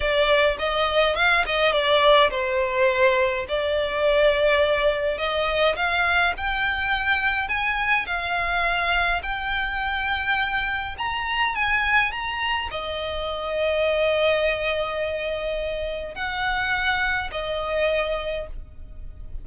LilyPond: \new Staff \with { instrumentName = "violin" } { \time 4/4 \tempo 4 = 104 d''4 dis''4 f''8 dis''8 d''4 | c''2 d''2~ | d''4 dis''4 f''4 g''4~ | g''4 gis''4 f''2 |
g''2. ais''4 | gis''4 ais''4 dis''2~ | dis''1 | fis''2 dis''2 | }